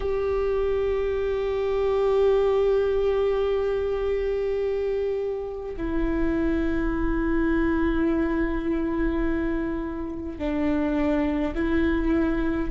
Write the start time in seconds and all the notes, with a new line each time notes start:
0.00 G4
5.76 E4
10.38 D4
11.54 E4